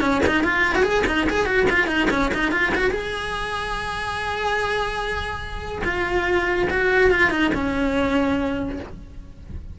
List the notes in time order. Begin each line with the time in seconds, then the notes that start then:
0.00 C#4
0.26 D#4
0.44 F4
0.75 F#4
0.83 G#4
1.06 D#4
1.29 G#4
1.46 F#4
1.70 F4
1.87 D#4
2.10 C#4
2.34 D#4
2.52 F4
2.75 F#4
2.91 G#4
5.84 F4
6.70 F#4
7.10 F4
7.30 D#4
7.54 C#4